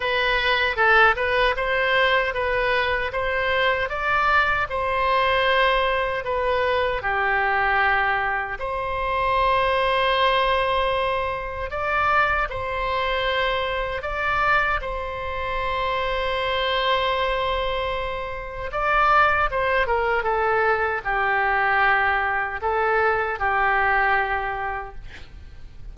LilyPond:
\new Staff \with { instrumentName = "oboe" } { \time 4/4 \tempo 4 = 77 b'4 a'8 b'8 c''4 b'4 | c''4 d''4 c''2 | b'4 g'2 c''4~ | c''2. d''4 |
c''2 d''4 c''4~ | c''1 | d''4 c''8 ais'8 a'4 g'4~ | g'4 a'4 g'2 | }